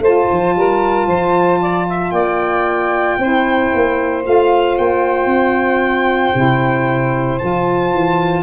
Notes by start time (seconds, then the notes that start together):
0.00 A3 F4 C5 A5
0.31 F3
0.56 G3 A#4
1.07 F3 C5
1.61 D5
1.89 E5
2.11 A#3 D5 G5
3.18 C4 E4 C5
3.74 A#3
4.24 A3 F4 F5
4.78 A#3 G5
5.26 C4
6.34 C3 E4
7.39 F3 F4 A5
7.93 E3